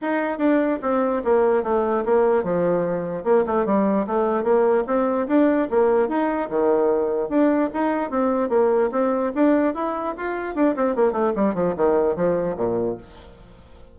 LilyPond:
\new Staff \with { instrumentName = "bassoon" } { \time 4/4 \tempo 4 = 148 dis'4 d'4 c'4 ais4 | a4 ais4 f2 | ais8 a8 g4 a4 ais4 | c'4 d'4 ais4 dis'4 |
dis2 d'4 dis'4 | c'4 ais4 c'4 d'4 | e'4 f'4 d'8 c'8 ais8 a8 | g8 f8 dis4 f4 ais,4 | }